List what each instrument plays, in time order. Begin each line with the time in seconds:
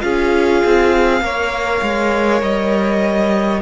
0.00 cello C#4, viola F4, violin G#4 F5
0.65 cello C4
1.21 cello A#3, viola A#4, violin C#5
1.82 cello G#3
2.41 cello G3, violin D#5